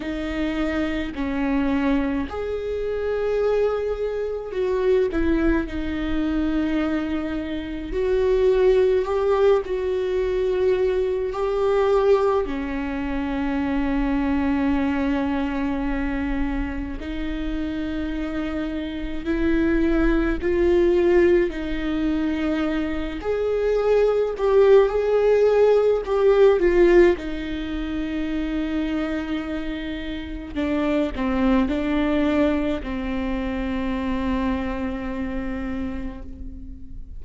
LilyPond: \new Staff \with { instrumentName = "viola" } { \time 4/4 \tempo 4 = 53 dis'4 cis'4 gis'2 | fis'8 e'8 dis'2 fis'4 | g'8 fis'4. g'4 cis'4~ | cis'2. dis'4~ |
dis'4 e'4 f'4 dis'4~ | dis'8 gis'4 g'8 gis'4 g'8 f'8 | dis'2. d'8 c'8 | d'4 c'2. | }